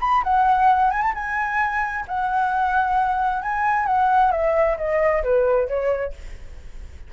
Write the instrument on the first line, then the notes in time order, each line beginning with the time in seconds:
flute
0.00 B5
0.23 F#5
0.90 G#5
1.01 A5
1.14 G#5
2.07 F#5
3.42 G#5
3.86 F#5
4.31 E5
4.77 D#5
5.23 B4
5.67 C#5